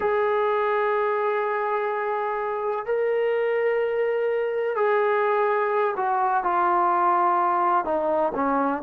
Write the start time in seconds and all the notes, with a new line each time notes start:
0.00 G#4
2.85 A#4
4.76 G#4
5.96 F#4
6.43 F4
7.84 D#4
8.34 C#4